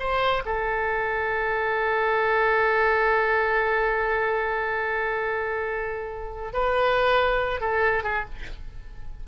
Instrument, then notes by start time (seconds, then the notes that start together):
oboe
0.00 C5
0.46 A4
6.53 B4
7.61 A4
8.04 G#4